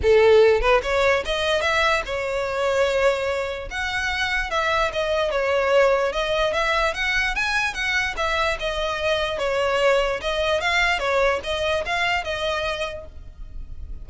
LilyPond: \new Staff \with { instrumentName = "violin" } { \time 4/4 \tempo 4 = 147 a'4. b'8 cis''4 dis''4 | e''4 cis''2.~ | cis''4 fis''2 e''4 | dis''4 cis''2 dis''4 |
e''4 fis''4 gis''4 fis''4 | e''4 dis''2 cis''4~ | cis''4 dis''4 f''4 cis''4 | dis''4 f''4 dis''2 | }